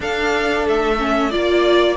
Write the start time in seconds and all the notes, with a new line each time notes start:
0.00 D4 A4 F5
0.68 A3 E5
0.98 C#4
1.29 A#3 F4 D5